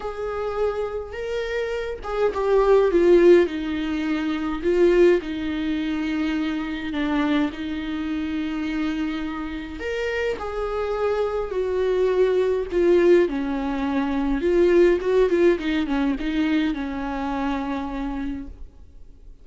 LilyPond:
\new Staff \with { instrumentName = "viola" } { \time 4/4 \tempo 4 = 104 gis'2 ais'4. gis'8 | g'4 f'4 dis'2 | f'4 dis'2. | d'4 dis'2.~ |
dis'4 ais'4 gis'2 | fis'2 f'4 cis'4~ | cis'4 f'4 fis'8 f'8 dis'8 cis'8 | dis'4 cis'2. | }